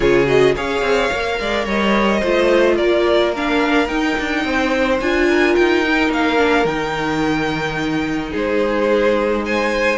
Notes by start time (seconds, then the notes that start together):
0.00 C#3 F4 G#4 C#5
0.26 F#4 D#5
0.55 C#4 G#4 C#5 F5
0.81 C4
1.11 A#3 A#4
1.39 G#3 D5
1.65 G3 C#5 D#5
2.19 A3 F4 C5
2.76 A#3 A#4 D5
3.35 D4 F5
3.87 D#4 G5
4.18 D4
4.44 C4 C5
5.00 D4 F4 G#5
5.28 A#4
5.55 D#4 G5
5.84 D#4
6.09 A#3 F5
6.37 D4
6.64 D#3 D#4 G5
8.30 G#3 G#4
8.36 C5
9.45 C5 G#5